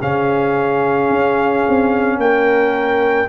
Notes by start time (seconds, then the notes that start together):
0.00 C#3 C#4 G#4 F5
1.09 C#4
1.68 C4
2.17 A#3 A#4 G5